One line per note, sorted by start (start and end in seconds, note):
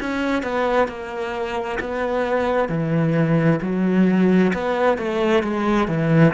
0.00 0.43 C#4
0.43 0.88 B3
0.88 1.79 A#3
1.80 2.69 B3
2.69 3.60 E3
3.62 4.53 F#3
4.54 4.98 B3
4.98 5.43 A3
5.43 5.88 G#3
5.88 6.33 E3